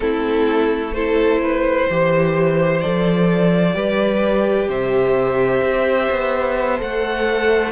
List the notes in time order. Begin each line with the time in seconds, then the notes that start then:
0.00 A3 C4 E4 A4
0.93 E4 A4 C5
1.42 B4
1.90 E3 G4 C5
2.80 F3 A4 D5
3.73 G3 G4 B4
4.68 C3 C5 E5
5.61 C4
6.10 B3
6.77 A3 A4 F#5